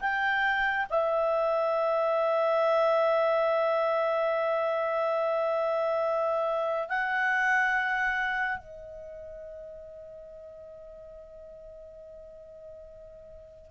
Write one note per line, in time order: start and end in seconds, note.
0.00 0.86 G5
0.90 6.88 E5
6.88 8.58 F#5
8.58 13.71 D#5